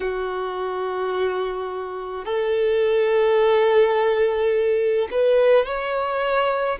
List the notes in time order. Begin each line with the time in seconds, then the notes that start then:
0.00 F#4
2.25 A4
5.11 B4
5.66 C#5